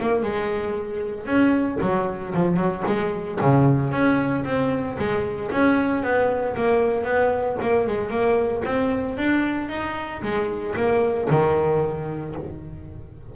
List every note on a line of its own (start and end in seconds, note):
0.00 0.22 A#3
0.22 1.26 G#3
1.26 1.78 C#4
1.81 2.33 F#3
2.34 2.57 F3
2.57 2.83 F#3
2.87 3.39 G#3
3.41 3.91 C#3
3.91 4.44 C#4
4.44 4.97 C4
4.98 5.51 G#3
5.51 6.03 C#4
6.03 6.56 B3
6.56 7.04 A#3
7.04 7.57 B3
7.61 7.87 A#3
7.87 8.10 G#3
8.10 8.63 A#3
8.65 9.17 C4
9.17 9.69 D4
9.69 10.22 D#4
10.22 10.75 G#3
10.76 11.28 A#3
11.30 12.35 D#3